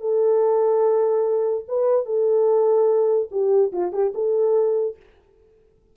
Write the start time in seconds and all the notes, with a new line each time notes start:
0.00 A4
1.68 B4
2.05 A4
3.31 G4
3.72 F4
3.92 G4
4.14 A4